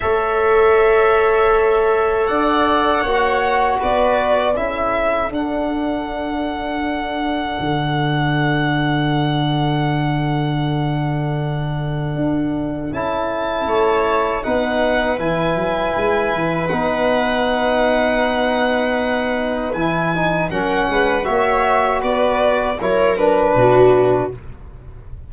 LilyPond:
<<
  \new Staff \with { instrumentName = "violin" } { \time 4/4 \tempo 4 = 79 e''2. fis''4~ | fis''4 d''4 e''4 fis''4~ | fis''1~ | fis''1~ |
fis''4 a''2 fis''4 | gis''2 fis''2~ | fis''2 gis''4 fis''4 | e''4 d''4 cis''8 b'4. | }
  \new Staff \with { instrumentName = "viola" } { \time 4/4 cis''2. d''4 | cis''4 b'4 a'2~ | a'1~ | a'1~ |
a'2 cis''4 b'4~ | b'1~ | b'2. ais'8 b'8 | cis''4 b'4 ais'4 fis'4 | }
  \new Staff \with { instrumentName = "trombone" } { \time 4/4 a'1 | fis'2 e'4 d'4~ | d'1~ | d'1~ |
d'4 e'2 dis'4 | e'2 dis'2~ | dis'2 e'8 dis'8 cis'4 | fis'2 e'8 d'4. | }
  \new Staff \with { instrumentName = "tuba" } { \time 4/4 a2. d'4 | ais4 b4 cis'4 d'4~ | d'2 d2~ | d1 |
d'4 cis'4 a4 b4 | e8 fis8 gis8 e8 b2~ | b2 e4 fis8 gis8 | ais4 b4 fis4 b,4 | }
>>